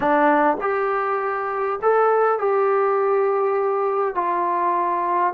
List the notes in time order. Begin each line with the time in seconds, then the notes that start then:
0.00 D4
0.60 G4
1.81 A4
2.38 G4
4.14 F4